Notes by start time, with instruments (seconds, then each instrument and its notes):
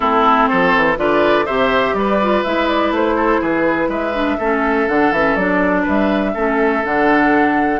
0.00 bassoon A3, clarinet C4, oboe E4, flute A4
0.47 bassoon F3, oboe A4, flute C5
0.75 bassoon E3
0.96 bassoon D3, clarinet F4, oboe B4, flute D5
1.45 bassoon C3, clarinet G4, oboe C5, flute E5
1.93 bassoon G3, oboe B4, flute D5
2.22 clarinet F4
2.43 bassoon G#3, clarinet E4, flute E5
2.68 flute D5
2.90 bassoon A3, flute C5
3.15 oboe A4
3.40 bassoon E3, oboe G#4, flute B4
3.87 bassoon G#3, oboe B4, flute E5
4.14 clarinet D4
4.38 bassoon A3, clarinet C#4, oboe A4
4.88 bassoon D3, clarinet D4, flute F#5
5.11 bassoon E3, clarinet C#4, flute E5
5.35 bassoon F#3, clarinet D4, flute D5
5.82 bassoon G3, oboe B4, flute E5
6.33 bassoon A3, clarinet C#4, oboe A4
6.83 bassoon D3, clarinet D4, flute F#5